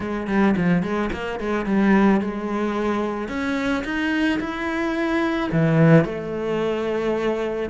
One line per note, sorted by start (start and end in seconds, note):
0.00 0.27 G#3
0.27 0.55 G3
0.57 0.82 F3
0.82 1.10 G#3
1.12 1.39 A#3
1.39 1.65 G#3
1.65 2.20 G3
2.20 3.28 G#3
3.28 3.83 C#4
3.84 4.39 D#4
4.39 5.49 E4
5.52 6.04 E3
6.04 7.69 A3